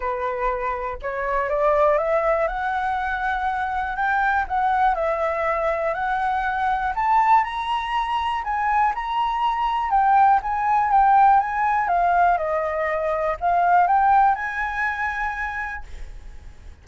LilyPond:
\new Staff \with { instrumentName = "flute" } { \time 4/4 \tempo 4 = 121 b'2 cis''4 d''4 | e''4 fis''2. | g''4 fis''4 e''2 | fis''2 a''4 ais''4~ |
ais''4 gis''4 ais''2 | g''4 gis''4 g''4 gis''4 | f''4 dis''2 f''4 | g''4 gis''2. | }